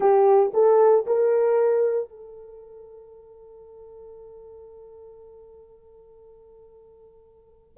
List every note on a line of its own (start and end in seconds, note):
0.00 0.52 G4
0.53 1.05 A4
1.06 2.09 A#4
2.09 7.77 A4